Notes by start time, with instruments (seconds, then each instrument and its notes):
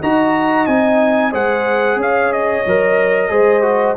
0.00 tuba D#4, trombone F#4, horn D#5, trumpet A#5
0.66 tuba C4, trombone D#4, trumpet G#5
1.31 tuba G#3, trombone G#4, horn C5, trumpet F#5
1.96 tuba C#4, horn C#5, trumpet F5
2.32 trumpet D#5
2.66 tuba F#3, trombone A#4
3.29 tuba G#3, trombone G#4, horn C5
3.62 trombone F#4